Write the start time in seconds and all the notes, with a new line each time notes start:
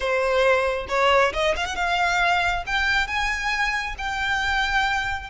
0.00 C5
0.88 C#5
1.33 D#5
1.56 F5
1.65 F#5
1.75 F5
2.66 G5
3.07 G#5
3.97 G5